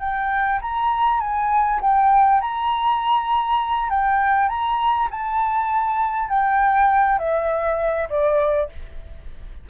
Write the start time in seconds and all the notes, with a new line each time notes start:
0.00 G5
0.62 A#5
1.21 G#5
1.81 G5
2.41 A#5
3.90 G5
4.49 A#5
5.11 A5
6.29 G5
7.19 E5
8.10 D5